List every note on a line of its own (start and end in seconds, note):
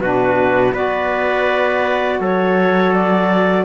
0.00 0.73 B2
0.00 0.73 D4
0.00 0.73 F#4
0.00 0.73 B4
0.73 2.20 B3
0.73 3.64 F#4
0.73 2.20 B4
0.73 2.21 D5
2.20 3.64 F#3
2.20 3.64 A4
2.20 2.93 C#5
2.93 3.64 D5